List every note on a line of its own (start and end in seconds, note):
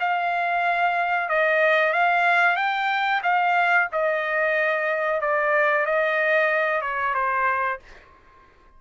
0.00 1.29 F5
1.29 1.93 D#5
1.93 2.56 F5
2.56 3.22 G5
3.23 3.88 F5
3.92 5.21 D#5
5.21 5.86 D5
5.86 6.82 D#5
6.82 7.14 C#5
7.14 7.79 C5